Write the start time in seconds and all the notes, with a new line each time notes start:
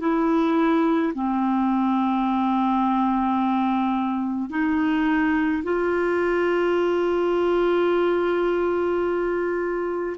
0.00 E4
1.14 C4
4.50 D#4
5.64 F4